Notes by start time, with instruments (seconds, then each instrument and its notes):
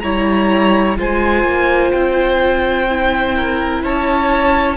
0.00 cello G3, viola E4, violin C#5 A#5
0.98 cello G#3, viola F4, violin C5 G#5
1.44 cello A#3
1.92 cello C4, violin G5
2.88 viola E4
3.36 violin A#4
3.84 cello C#4, violin C#5 A5